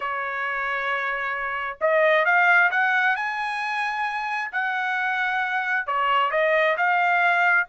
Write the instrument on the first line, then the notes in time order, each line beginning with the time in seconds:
trumpet
0.00 C#5
1.80 D#5
2.25 F5
2.70 F#5
3.16 G#5
4.51 F#5
5.86 C#5
6.31 D#5
6.77 F5